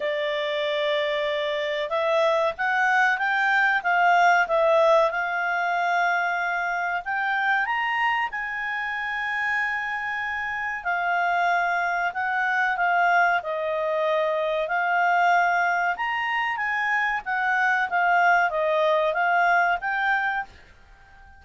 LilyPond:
\new Staff \with { instrumentName = "clarinet" } { \time 4/4 \tempo 4 = 94 d''2. e''4 | fis''4 g''4 f''4 e''4 | f''2. g''4 | ais''4 gis''2.~ |
gis''4 f''2 fis''4 | f''4 dis''2 f''4~ | f''4 ais''4 gis''4 fis''4 | f''4 dis''4 f''4 g''4 | }